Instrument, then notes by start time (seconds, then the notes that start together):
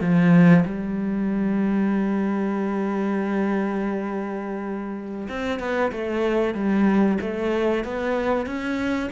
cello
0.00 F3
0.65 G3
5.28 C4
5.59 B3
5.92 A3
6.54 G3
7.21 A3
7.84 B3
8.46 C#4